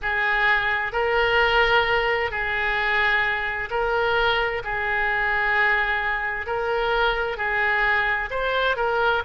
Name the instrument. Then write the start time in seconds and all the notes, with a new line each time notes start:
oboe
0.02 G#4
0.92 A#4
2.30 G#4
3.70 A#4
4.64 G#4
6.46 A#4
7.37 G#4
8.30 C5
8.76 A#4